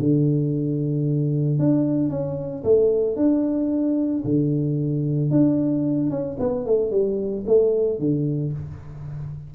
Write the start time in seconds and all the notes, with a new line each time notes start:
0.00 D3
1.59 D4
2.10 C#4
2.64 A3
3.17 D4
4.25 D3
5.31 D4
6.11 C#4
6.40 B3
6.66 A3
6.92 G3
7.47 A3
7.99 D3